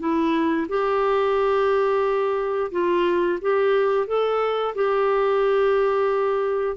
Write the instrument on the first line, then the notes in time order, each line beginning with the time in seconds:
clarinet
0.00 E4
0.69 G4
2.72 F4
3.42 G4
4.08 A4
4.76 G4